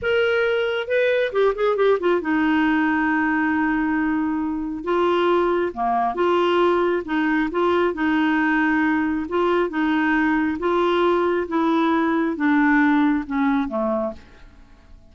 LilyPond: \new Staff \with { instrumentName = "clarinet" } { \time 4/4 \tempo 4 = 136 ais'2 b'4 g'8 gis'8 | g'8 f'8 dis'2.~ | dis'2. f'4~ | f'4 ais4 f'2 |
dis'4 f'4 dis'2~ | dis'4 f'4 dis'2 | f'2 e'2 | d'2 cis'4 a4 | }